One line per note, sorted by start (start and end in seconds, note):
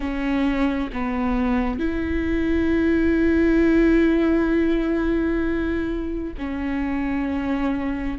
0.00 0.90 C#4
0.92 1.79 B3
1.79 6.33 E4
6.38 8.19 C#4